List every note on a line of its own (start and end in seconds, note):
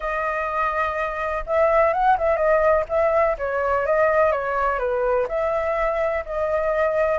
0.00 1.44 D#5
1.46 1.93 E5
1.93 2.17 F#5
2.18 2.36 E5
2.36 2.84 D#5
2.88 3.36 E5
3.38 3.86 C#5
3.86 4.31 D#5
4.31 4.78 C#5
4.78 5.26 B4
5.28 6.24 E5
6.25 7.18 D#5